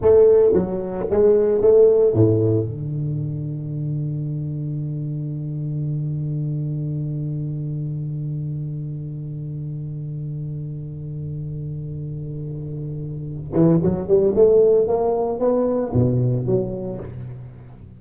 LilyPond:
\new Staff \with { instrumentName = "tuba" } { \time 4/4 \tempo 4 = 113 a4 fis4 gis4 a4 | a,4 d2.~ | d1~ | d1~ |
d1~ | d1~ | d4. e8 fis8 g8 a4 | ais4 b4 b,4 fis4 | }